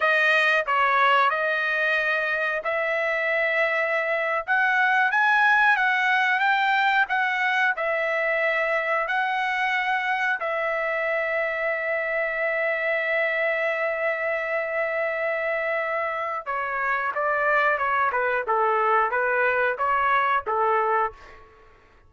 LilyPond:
\new Staff \with { instrumentName = "trumpet" } { \time 4/4 \tempo 4 = 91 dis''4 cis''4 dis''2 | e''2~ e''8. fis''4 gis''16~ | gis''8. fis''4 g''4 fis''4 e''16~ | e''4.~ e''16 fis''2 e''16~ |
e''1~ | e''1~ | e''4 cis''4 d''4 cis''8 b'8 | a'4 b'4 cis''4 a'4 | }